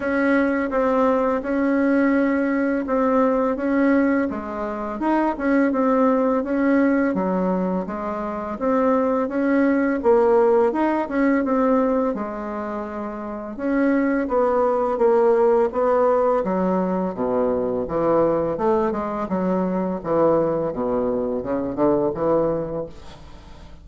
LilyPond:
\new Staff \with { instrumentName = "bassoon" } { \time 4/4 \tempo 4 = 84 cis'4 c'4 cis'2 | c'4 cis'4 gis4 dis'8 cis'8 | c'4 cis'4 fis4 gis4 | c'4 cis'4 ais4 dis'8 cis'8 |
c'4 gis2 cis'4 | b4 ais4 b4 fis4 | b,4 e4 a8 gis8 fis4 | e4 b,4 cis8 d8 e4 | }